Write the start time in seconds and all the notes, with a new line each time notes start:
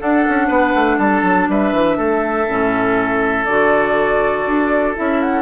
0.00 D4 A4 F#5
0.29 C#4
0.47 B3 B4
0.75 A3
0.98 G3 A4 A5
1.23 F#3
1.48 G3 B4 E5
1.73 E3
1.98 A3 A4
2.47 A2 C#4
3.45 D3 F#4 D5
4.46 D4
4.96 C#4 E4 E5
5.22 F#5